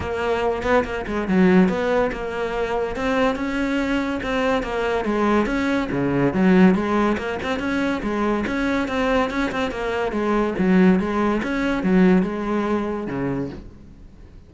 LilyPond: \new Staff \with { instrumentName = "cello" } { \time 4/4 \tempo 4 = 142 ais4. b8 ais8 gis8 fis4 | b4 ais2 c'4 | cis'2 c'4 ais4 | gis4 cis'4 cis4 fis4 |
gis4 ais8 c'8 cis'4 gis4 | cis'4 c'4 cis'8 c'8 ais4 | gis4 fis4 gis4 cis'4 | fis4 gis2 cis4 | }